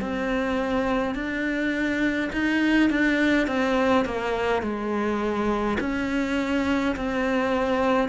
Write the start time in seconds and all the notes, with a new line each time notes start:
0.00 C4
1.14 D4
2.32 D#4
2.90 D4
3.47 C4
4.05 A#3
4.62 G#3
5.80 C#4
6.95 C4